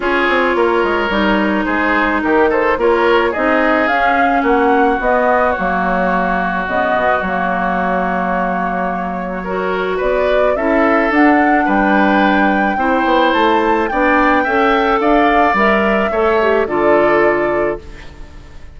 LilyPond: <<
  \new Staff \with { instrumentName = "flute" } { \time 4/4 \tempo 4 = 108 cis''2. c''4 | ais'8 c''8 cis''4 dis''4 f''4 | fis''4 dis''4 cis''2 | dis''4 cis''2.~ |
cis''2 d''4 e''4 | fis''4 g''2. | a''4 g''2 f''4 | e''2 d''2 | }
  \new Staff \with { instrumentName = "oboe" } { \time 4/4 gis'4 ais'2 gis'4 | g'8 a'8 ais'4 gis'2 | fis'1~ | fis'1~ |
fis'4 ais'4 b'4 a'4~ | a'4 b'2 c''4~ | c''4 d''4 e''4 d''4~ | d''4 cis''4 a'2 | }
  \new Staff \with { instrumentName = "clarinet" } { \time 4/4 f'2 dis'2~ | dis'4 f'4 dis'4 cis'4~ | cis'4 b4 ais2 | b4 ais2.~ |
ais4 fis'2 e'4 | d'2. e'4~ | e'4 d'4 a'2 | ais'4 a'8 g'8 f'2 | }
  \new Staff \with { instrumentName = "bassoon" } { \time 4/4 cis'8 c'8 ais8 gis8 g4 gis4 | dis4 ais4 c'4 cis'4 | ais4 b4 fis2 | cis8 b,8 fis2.~ |
fis2 b4 cis'4 | d'4 g2 c'8 b8 | a4 b4 cis'4 d'4 | g4 a4 d2 | }
>>